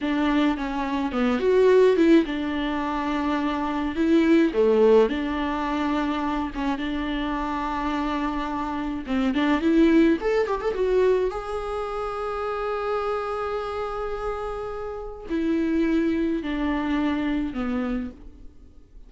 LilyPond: \new Staff \with { instrumentName = "viola" } { \time 4/4 \tempo 4 = 106 d'4 cis'4 b8 fis'4 e'8 | d'2. e'4 | a4 d'2~ d'8 cis'8 | d'1 |
c'8 d'8 e'4 a'8 g'16 a'16 fis'4 | gis'1~ | gis'2. e'4~ | e'4 d'2 b4 | }